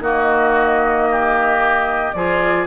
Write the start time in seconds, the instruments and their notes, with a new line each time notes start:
0.00 bassoon D#3, clarinet A#3, oboe F#4, flute D#5
1.11 oboe G4
2.12 bassoon F3, clarinet F4, oboe G#4, flute D5